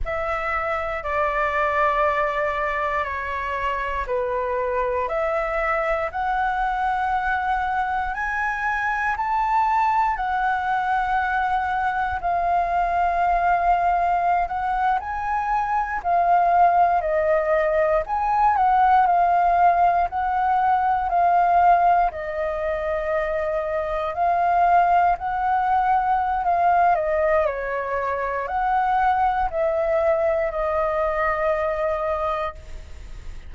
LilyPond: \new Staff \with { instrumentName = "flute" } { \time 4/4 \tempo 4 = 59 e''4 d''2 cis''4 | b'4 e''4 fis''2 | gis''4 a''4 fis''2 | f''2~ f''16 fis''8 gis''4 f''16~ |
f''8. dis''4 gis''8 fis''8 f''4 fis''16~ | fis''8. f''4 dis''2 f''16~ | f''8. fis''4~ fis''16 f''8 dis''8 cis''4 | fis''4 e''4 dis''2 | }